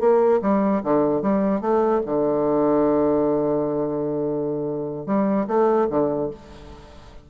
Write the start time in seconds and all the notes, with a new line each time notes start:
0.00 A#3
0.42 G3
0.84 D3
1.22 G3
1.61 A3
2.06 D3
5.06 G3
5.48 A3
5.90 D3